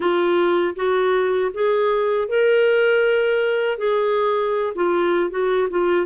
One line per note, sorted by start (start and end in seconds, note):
0.00 0.74 F4
0.75 1.51 F#4
1.53 2.28 G#4
2.28 3.78 A#4
3.78 4.73 G#4
4.75 5.30 F4
5.30 5.68 F#4
5.70 6.06 F4